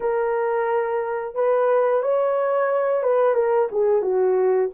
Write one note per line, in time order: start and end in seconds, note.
0.00 1.35 A#4
1.35 2.02 B4
2.02 3.02 C#5
3.02 3.34 B4
3.34 3.68 A#4
3.71 4.02 G#4
4.02 4.69 F#4